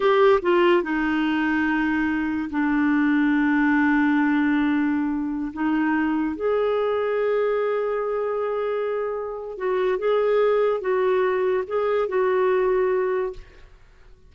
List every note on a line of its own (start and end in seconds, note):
0.00 0.40 G4
0.42 0.82 F4
0.82 2.49 D#4
2.50 5.52 D4
5.53 6.36 D#4
6.36 9.57 G#4
9.57 9.98 F#4
9.98 10.80 G#4
10.80 11.64 F#4
11.67 12.08 G#4
12.08 13.33 F#4